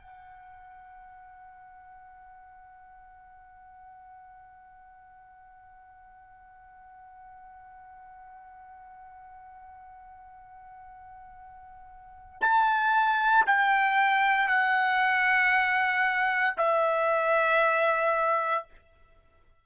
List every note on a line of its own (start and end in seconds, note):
0.00 12.41 F#5
12.41 13.45 A5
13.47 14.48 G5
14.48 16.55 F#5
16.58 18.64 E5